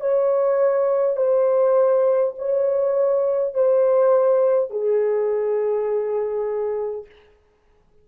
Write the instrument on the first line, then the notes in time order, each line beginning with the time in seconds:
horn
0.00 C#5
1.17 C5
2.38 C#5
3.54 C5
4.70 G#4